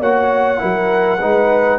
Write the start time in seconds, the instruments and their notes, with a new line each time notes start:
0.00 tuba A#3, trombone F#4, horn C#5, trumpet F#5
0.59 tuba F#3, trombone E4, horn A#4
1.20 tuba G#3, trombone D#4, horn B4